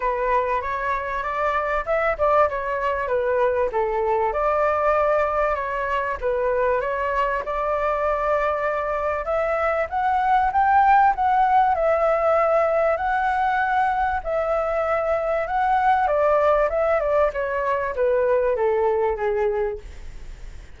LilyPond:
\new Staff \with { instrumentName = "flute" } { \time 4/4 \tempo 4 = 97 b'4 cis''4 d''4 e''8 d''8 | cis''4 b'4 a'4 d''4~ | d''4 cis''4 b'4 cis''4 | d''2. e''4 |
fis''4 g''4 fis''4 e''4~ | e''4 fis''2 e''4~ | e''4 fis''4 d''4 e''8 d''8 | cis''4 b'4 a'4 gis'4 | }